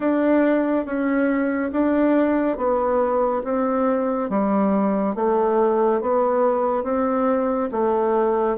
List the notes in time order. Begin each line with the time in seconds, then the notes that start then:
0.00 D4
0.85 C#4
1.72 D4
2.57 B3
3.44 C4
4.29 G3
5.15 A3
6.01 B3
6.83 C4
7.71 A3